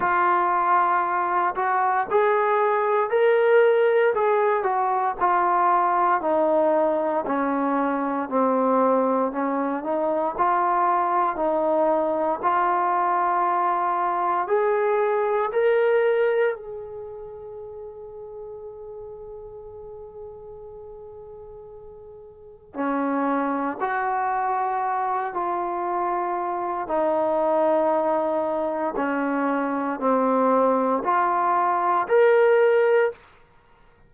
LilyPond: \new Staff \with { instrumentName = "trombone" } { \time 4/4 \tempo 4 = 58 f'4. fis'8 gis'4 ais'4 | gis'8 fis'8 f'4 dis'4 cis'4 | c'4 cis'8 dis'8 f'4 dis'4 | f'2 gis'4 ais'4 |
gis'1~ | gis'2 cis'4 fis'4~ | fis'8 f'4. dis'2 | cis'4 c'4 f'4 ais'4 | }